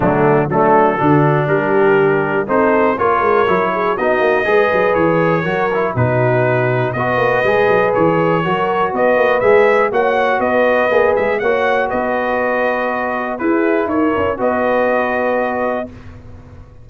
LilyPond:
<<
  \new Staff \with { instrumentName = "trumpet" } { \time 4/4 \tempo 4 = 121 d'4 a'2 ais'4~ | ais'4 c''4 cis''2 | dis''2 cis''2 | b'2 dis''2 |
cis''2 dis''4 e''4 | fis''4 dis''4. e''8 fis''4 | dis''2. b'4 | cis''4 dis''2. | }
  \new Staff \with { instrumentName = "horn" } { \time 4/4 a4 d'4 fis'4 g'4~ | g'4 a'4 ais'4. gis'8 | fis'4 b'2 ais'4 | fis'2 b'2~ |
b'4 ais'4 b'2 | cis''4 b'2 cis''4 | b'2. gis'4 | ais'4 b'2. | }
  \new Staff \with { instrumentName = "trombone" } { \time 4/4 fis4 a4 d'2~ | d'4 dis'4 f'4 e'4 | dis'4 gis'2 fis'8 e'8 | dis'2 fis'4 gis'4~ |
gis'4 fis'2 gis'4 | fis'2 gis'4 fis'4~ | fis'2. e'4~ | e'4 fis'2. | }
  \new Staff \with { instrumentName = "tuba" } { \time 4/4 d4 fis4 d4 g4~ | g4 c'4 ais8 gis8 fis4 | b8 ais8 gis8 fis8 e4 fis4 | b,2 b8 ais8 gis8 fis8 |
e4 fis4 b8 ais8 gis4 | ais4 b4 ais8 gis8 ais4 | b2. e'4 | dis'8 cis'8 b2. | }
>>